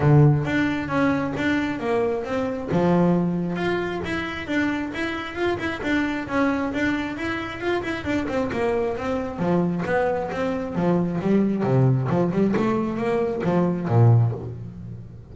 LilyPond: \new Staff \with { instrumentName = "double bass" } { \time 4/4 \tempo 4 = 134 d4 d'4 cis'4 d'4 | ais4 c'4 f2 | f'4 e'4 d'4 e'4 | f'8 e'8 d'4 cis'4 d'4 |
e'4 f'8 e'8 d'8 c'8 ais4 | c'4 f4 b4 c'4 | f4 g4 c4 f8 g8 | a4 ais4 f4 ais,4 | }